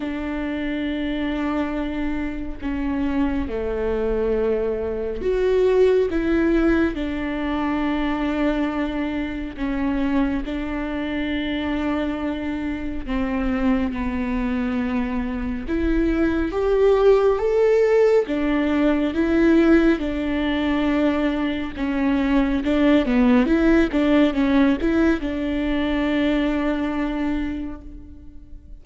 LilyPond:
\new Staff \with { instrumentName = "viola" } { \time 4/4 \tempo 4 = 69 d'2. cis'4 | a2 fis'4 e'4 | d'2. cis'4 | d'2. c'4 |
b2 e'4 g'4 | a'4 d'4 e'4 d'4~ | d'4 cis'4 d'8 b8 e'8 d'8 | cis'8 e'8 d'2. | }